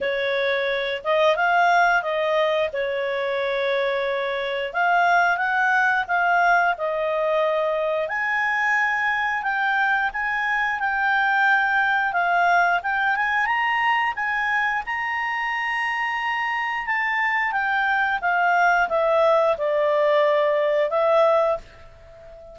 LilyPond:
\new Staff \with { instrumentName = "clarinet" } { \time 4/4 \tempo 4 = 89 cis''4. dis''8 f''4 dis''4 | cis''2. f''4 | fis''4 f''4 dis''2 | gis''2 g''4 gis''4 |
g''2 f''4 g''8 gis''8 | ais''4 gis''4 ais''2~ | ais''4 a''4 g''4 f''4 | e''4 d''2 e''4 | }